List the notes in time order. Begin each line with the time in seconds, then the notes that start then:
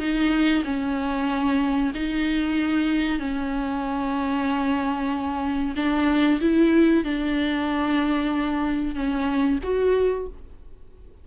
0.00 D#4
0.65 C#4
1.95 D#4
3.20 C#4
5.76 D4
6.41 E4
7.04 D4
8.95 C#4
9.64 F#4